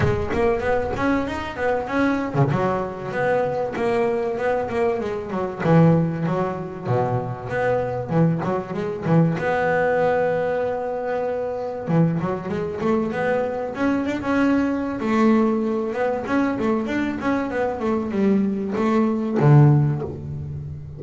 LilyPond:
\new Staff \with { instrumentName = "double bass" } { \time 4/4 \tempo 4 = 96 gis8 ais8 b8 cis'8 dis'8 b8 cis'8. cis16 | fis4 b4 ais4 b8 ais8 | gis8 fis8 e4 fis4 b,4 | b4 e8 fis8 gis8 e8 b4~ |
b2. e8 fis8 | gis8 a8 b4 cis'8 d'16 cis'4~ cis'16 | a4. b8 cis'8 a8 d'8 cis'8 | b8 a8 g4 a4 d4 | }